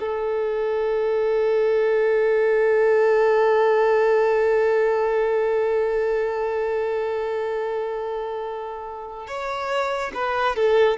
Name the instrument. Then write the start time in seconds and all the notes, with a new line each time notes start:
violin
0.00 A4
9.27 C#5
10.14 B4
10.56 A4